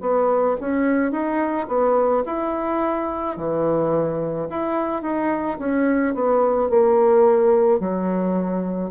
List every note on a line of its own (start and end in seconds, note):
0.00 0.56 B3
0.60 1.11 C#4
1.11 1.67 D#4
1.67 2.23 B3
2.25 3.36 E4
3.36 4.47 E3
4.49 5.02 E4
5.02 5.57 D#4
5.58 6.14 C#4
6.14 6.69 B3
6.69 7.79 A#3
7.79 8.90 F#3